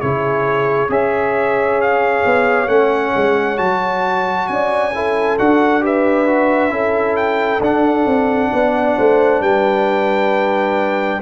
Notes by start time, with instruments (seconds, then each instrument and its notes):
0.00 tuba C#3, trombone E4, horn G#4, trumpet C#5
0.89 tuba C#4, trombone G#4, horn C#5, trumpet E5
1.81 trumpet F5
2.25 tuba B3
2.67 tuba A3, trombone C#4, trumpet F#5
3.15 tuba G#3
3.57 tuba F#3, trombone F#4, trumpet A5
4.47 tuba C#4, horn D5, trumpet G#5
4.94 trombone E4, horn A4
5.38 tuba D4, trombone F#4, trumpet F#5
5.81 trombone G4, horn B4, trumpet E5
6.26 trombone F#4
6.69 tuba C#4, trombone E4, horn A4
7.16 trumpet G5
7.60 tuba D4, trombone D4, trumpet F#5
8.06 tuba C4
8.51 tuba B3, horn D5
8.96 tuba A3, horn C5
9.40 tuba G3, horn B4, trumpet G5